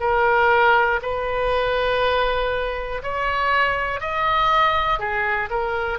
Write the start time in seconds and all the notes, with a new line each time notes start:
0.00 A#4
1.01 B4
3.03 C#5
4.00 D#5
4.99 G#4
5.50 A#4